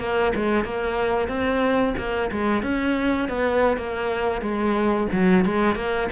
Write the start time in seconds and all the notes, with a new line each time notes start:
0.00 A#3
0.36 G#3
0.65 A#3
1.29 C4
1.98 A#3
2.32 G#3
2.63 C#4
3.29 B3
3.77 A#3
4.42 G#3
5.12 F#3
5.45 G#3
5.76 A#3